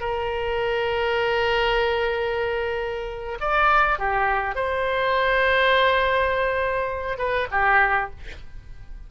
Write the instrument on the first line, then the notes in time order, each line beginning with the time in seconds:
oboe
0.00 A#4
3.40 D5
3.99 G4
4.55 C5
7.18 B4
7.51 G4